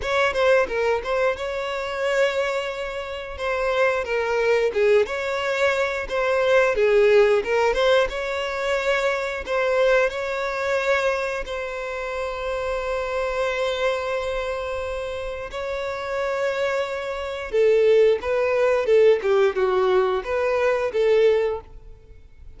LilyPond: \new Staff \with { instrumentName = "violin" } { \time 4/4 \tempo 4 = 89 cis''8 c''8 ais'8 c''8 cis''2~ | cis''4 c''4 ais'4 gis'8 cis''8~ | cis''4 c''4 gis'4 ais'8 c''8 | cis''2 c''4 cis''4~ |
cis''4 c''2.~ | c''2. cis''4~ | cis''2 a'4 b'4 | a'8 g'8 fis'4 b'4 a'4 | }